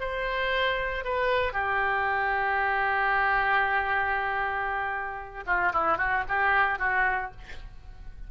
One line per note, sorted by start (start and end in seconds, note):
0.00 1.04 C5
1.04 1.53 B4
1.53 5.44 G4
5.46 5.72 F4
5.73 5.98 E4
5.98 6.24 F#4
6.28 6.79 G4
6.79 7.31 F#4